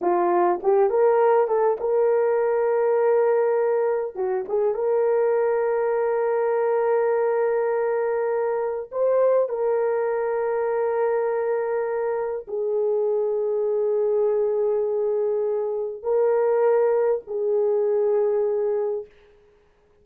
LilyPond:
\new Staff \with { instrumentName = "horn" } { \time 4/4 \tempo 4 = 101 f'4 g'8 ais'4 a'8 ais'4~ | ais'2. fis'8 gis'8 | ais'1~ | ais'2. c''4 |
ais'1~ | ais'4 gis'2.~ | gis'2. ais'4~ | ais'4 gis'2. | }